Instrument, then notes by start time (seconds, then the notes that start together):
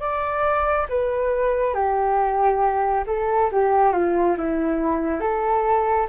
flute
0.00 D5
0.89 B4
1.74 G4
3.07 A4
3.52 G4
3.92 F4
4.38 E4
5.21 A4